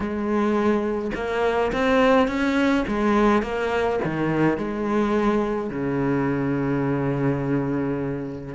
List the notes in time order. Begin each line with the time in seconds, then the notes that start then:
0.00 G#3
1.14 A#3
1.72 C4
2.27 C#4
2.87 G#3
3.42 A#3
4.04 D#3
4.57 G#3
5.69 C#3